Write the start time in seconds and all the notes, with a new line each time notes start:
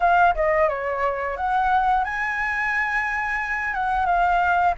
0.00 F5
0.35 D#5
0.68 C#5
1.36 F#5
2.04 G#5
3.73 F#5
4.06 F5